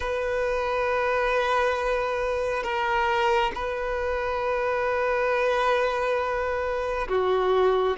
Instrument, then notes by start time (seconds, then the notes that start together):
violin
0.00 B4
2.63 A#4
3.55 B4
7.08 F#4